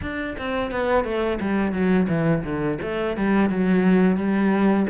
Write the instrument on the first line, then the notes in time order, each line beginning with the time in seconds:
cello
0.01 D4
0.38 C4
0.71 B3
1.04 A3
1.40 G3
1.72 F#3
2.08 E3
2.44 D3
2.82 A3
3.16 G3
3.49 F#3
4.17 G3